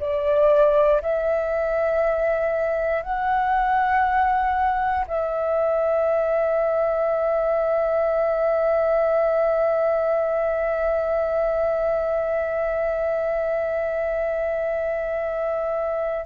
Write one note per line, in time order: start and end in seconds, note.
0.00 1.02 D5
1.02 3.03 E5
3.03 5.06 F#5
5.08 16.26 E5